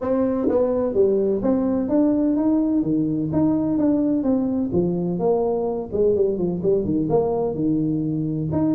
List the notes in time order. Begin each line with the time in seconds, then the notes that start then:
0.01 C4
0.48 B3
0.93 G3
1.42 C4
1.89 D4
2.36 D#4
2.83 D#3
3.32 D#4
3.78 D4
4.23 C4
4.72 F3
5.19 A#3
5.92 G#3
6.15 G3
6.38 F3
6.62 G3
6.84 D#3
7.09 A#3
7.54 D#3
8.52 D#4